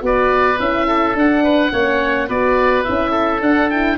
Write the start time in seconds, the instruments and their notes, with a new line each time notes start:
0.00 tuba B3, horn F#4, oboe B4 D5
0.59 tuba C#4, horn E4, oboe E5
0.87 oboe A4
1.15 horn D4, tuba D4, oboe F#5
1.43 oboe B4
1.72 tuba A#3, horn C#4, oboe C#5
2.28 tuba B3, horn F#4, oboe B4 D5
2.84 tuba C#4, horn E4, oboe E5
3.11 oboe A4
3.41 tuba D4, horn D4, oboe F#5
3.70 horn E4, oboe G5